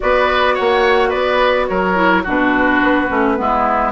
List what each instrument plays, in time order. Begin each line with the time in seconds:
0.00 bassoon B3, clarinet F#4, oboe B4, flute D5
0.54 bassoon A#3, oboe C#5, flute F#5
1.09 bassoon B3, oboe B4, flute D5
1.67 bassoon F#3, oboe A#4, flute C#5
1.95 clarinet E4
2.23 bassoon B2, clarinet D4, oboe F#4
2.29 flute B4
2.82 bassoon B3
3.09 bassoon A3, clarinet C#4
3.36 bassoon G#3, clarinet B3, oboe E4